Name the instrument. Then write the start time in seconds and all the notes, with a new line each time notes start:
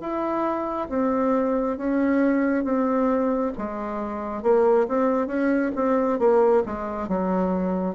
bassoon
0.00 E4
0.89 C4
1.77 C#4
2.64 C4
3.57 G#3
4.42 A#3
4.88 C4
5.27 C#4
5.75 C4
6.19 A#3
6.65 G#3
7.08 F#3